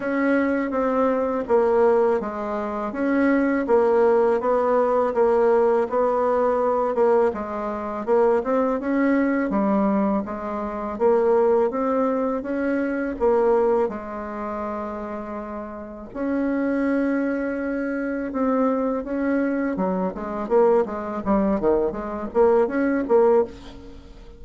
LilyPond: \new Staff \with { instrumentName = "bassoon" } { \time 4/4 \tempo 4 = 82 cis'4 c'4 ais4 gis4 | cis'4 ais4 b4 ais4 | b4. ais8 gis4 ais8 c'8 | cis'4 g4 gis4 ais4 |
c'4 cis'4 ais4 gis4~ | gis2 cis'2~ | cis'4 c'4 cis'4 fis8 gis8 | ais8 gis8 g8 dis8 gis8 ais8 cis'8 ais8 | }